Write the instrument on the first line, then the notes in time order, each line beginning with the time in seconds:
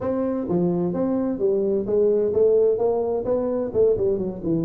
tuba
0.00 C4
0.48 F3
0.93 C4
1.38 G3
1.86 G#3
2.33 A3
2.77 A#3
3.24 B3
3.73 A3
3.97 G3
4.17 F#3
4.43 E3